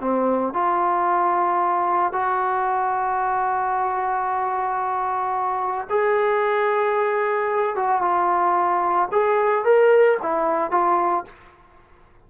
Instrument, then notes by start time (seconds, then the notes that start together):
trombone
0.00 C4
0.53 F4
2.12 F#4
5.90 G#4
7.75 F#4
8.01 F4
9.11 G#4
9.64 A#4
10.22 E4
10.70 F4